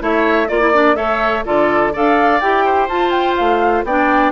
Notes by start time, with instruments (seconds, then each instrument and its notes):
0.00 bassoon A3, clarinet E4, oboe C#5, flute E5
0.49 bassoon A#3, clarinet F4, oboe D5, flute D5
0.61 clarinet E4
0.74 clarinet D4
0.96 bassoon A3, clarinet A4, oboe C#5, flute E5
1.46 bassoon D3, clarinet F4, oboe A4, flute D5
1.93 bassoon D4, clarinet A4, oboe D5, flute F5
2.41 bassoon E4, clarinet G4, flute G5
2.66 oboe C5
2.89 bassoon F4, clarinet F4, flute A5
3.11 flute G5
3.37 bassoon A3, flute F5
3.84 bassoon B3, clarinet D4, oboe D5, flute G5